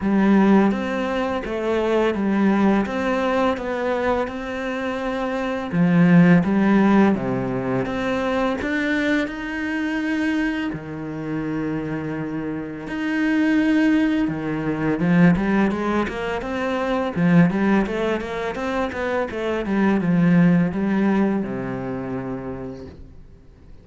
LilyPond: \new Staff \with { instrumentName = "cello" } { \time 4/4 \tempo 4 = 84 g4 c'4 a4 g4 | c'4 b4 c'2 | f4 g4 c4 c'4 | d'4 dis'2 dis4~ |
dis2 dis'2 | dis4 f8 g8 gis8 ais8 c'4 | f8 g8 a8 ais8 c'8 b8 a8 g8 | f4 g4 c2 | }